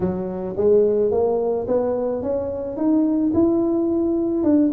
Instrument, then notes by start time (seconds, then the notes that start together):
tuba
0.00 F#3
0.56 G#3
1.11 A#3
1.67 B3
2.22 C#4
2.76 D#4
3.34 E4
4.43 D4